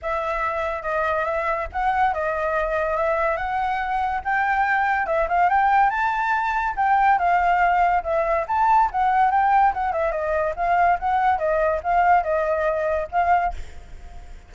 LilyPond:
\new Staff \with { instrumentName = "flute" } { \time 4/4 \tempo 4 = 142 e''2 dis''4 e''4 | fis''4 dis''2 e''4 | fis''2 g''2 | e''8 f''8 g''4 a''2 |
g''4 f''2 e''4 | a''4 fis''4 g''4 fis''8 e''8 | dis''4 f''4 fis''4 dis''4 | f''4 dis''2 f''4 | }